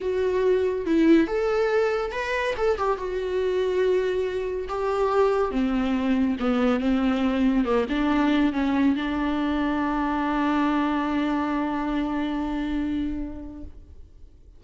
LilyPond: \new Staff \with { instrumentName = "viola" } { \time 4/4 \tempo 4 = 141 fis'2 e'4 a'4~ | a'4 b'4 a'8 g'8 fis'4~ | fis'2. g'4~ | g'4 c'2 b4 |
c'2 ais8 d'4. | cis'4 d'2.~ | d'1~ | d'1 | }